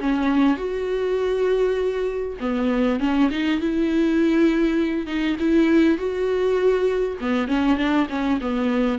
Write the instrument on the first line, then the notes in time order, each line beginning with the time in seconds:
viola
0.00 C#4
0.57 F#4
2.41 B3
3.00 C#4
3.31 D#4
3.60 E4
5.07 D#4
5.40 E4
5.98 F#4
7.21 B3
7.48 C#4
7.77 D4
8.10 C#4
8.41 B3